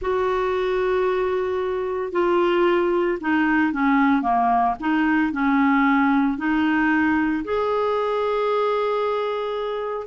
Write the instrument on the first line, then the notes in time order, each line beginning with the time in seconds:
clarinet
0.01 F#4
2.12 F4
3.21 D#4
3.73 C#4
4.22 A#3
4.80 D#4
5.32 C#4
6.37 D#4
7.44 G#4